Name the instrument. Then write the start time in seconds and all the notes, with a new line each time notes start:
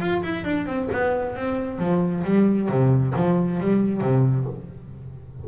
double bass
0.00 F4
0.23 E4
0.44 D4
0.66 C4
0.92 B3
1.36 C4
1.79 F3
2.24 G3
2.69 C3
3.16 F3
3.60 G3
4.01 C3